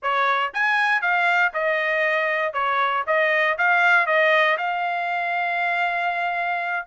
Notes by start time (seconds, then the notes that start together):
0.02 C#5
0.53 G#5
1.01 F5
1.53 D#5
2.53 C#5
3.06 D#5
3.57 F5
4.06 D#5
4.57 F5